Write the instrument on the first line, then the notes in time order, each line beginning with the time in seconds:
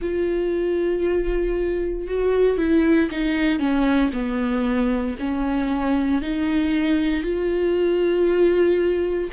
viola
0.01 F4
2.07 F#4
2.57 E4
3.10 D#4
3.59 C#4
4.12 B3
5.19 C#4
6.21 D#4
7.23 F4